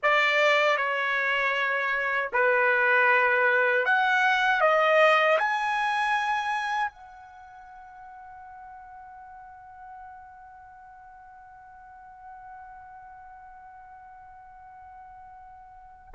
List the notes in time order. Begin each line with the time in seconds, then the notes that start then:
0.02 D5
0.77 C#5
2.33 B4
3.85 F#5
4.60 D#5
5.38 G#5
6.91 F#5